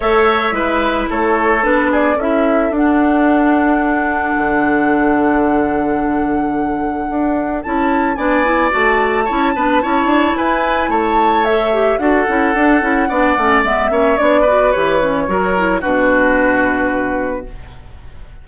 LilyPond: <<
  \new Staff \with { instrumentName = "flute" } { \time 4/4 \tempo 4 = 110 e''2 cis''4 b'8 d''8 | e''4 fis''2.~ | fis''1~ | fis''2 a''4 gis''4 |
a''2. gis''4 | a''4 e''4 fis''2~ | fis''4 e''4 d''4 cis''4~ | cis''4 b'2. | }
  \new Staff \with { instrumentName = "oboe" } { \time 4/4 cis''4 b'4 a'4. gis'8 | a'1~ | a'1~ | a'2. d''4~ |
d''4 cis''8 b'8 cis''4 b'4 | cis''2 a'2 | d''4. cis''4 b'4. | ais'4 fis'2. | }
  \new Staff \with { instrumentName = "clarinet" } { \time 4/4 a'4 e'2 d'4 | e'4 d'2.~ | d'1~ | d'2 e'4 d'8 e'8 |
fis'4 e'8 d'8 e'2~ | e'4 a'8 g'8 fis'8 e'8 d'8 e'8 | d'8 cis'8 b8 cis'8 d'8 fis'8 g'8 cis'8 | fis'8 e'8 d'2. | }
  \new Staff \with { instrumentName = "bassoon" } { \time 4/4 a4 gis4 a4 b4 | cis'4 d'2. | d1~ | d4 d'4 cis'4 b4 |
a4 cis'8 b8 cis'8 d'8 e'4 | a2 d'8 cis'8 d'8 cis'8 | b8 a8 gis8 ais8 b4 e4 | fis4 b,2. | }
>>